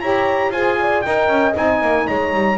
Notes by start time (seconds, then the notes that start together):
0.00 E4 G4 C#5 A#5
0.50 F4 G#4 C5 G#5
0.80 D5
1.01 D#4 A#4 D#5 G5
1.28 C#4
1.52 C4 D#4 G#5
1.81 A#3
2.07 G#3 C#5 A#5
2.34 G3